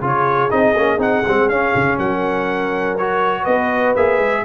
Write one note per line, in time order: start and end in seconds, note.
0.00 0.50 C#3
0.00 0.50 F4
0.00 1.97 G#4
0.06 0.50 C#5
0.50 0.75 C4
0.50 0.74 D#4
0.50 0.99 D#5
0.75 0.98 A#3
0.75 0.98 C#4
0.98 1.23 C4
0.98 1.23 D#4
0.98 1.49 F#5
1.27 1.49 G#3
1.27 1.51 C4
1.49 1.73 C#4
1.49 2.99 C#4
1.49 1.98 F5
1.75 1.98 C#3
1.98 3.45 F#3
1.98 3.42 A#4
1.98 2.97 F#5
2.97 3.96 F#4
2.97 3.45 C#5
3.42 3.96 B3
3.42 4.40 B4
3.42 3.94 D#5
3.95 4.19 A#3
3.95 4.44 G#4
3.95 4.44 E5
4.19 4.43 G#3